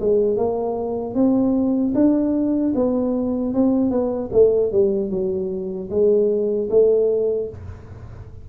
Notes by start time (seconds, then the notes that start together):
0.00 G#3
0.37 A#3
1.14 C4
1.94 D4
2.75 B3
3.54 C4
3.90 B3
4.32 A3
4.72 G3
5.10 F#3
5.90 G#3
6.70 A3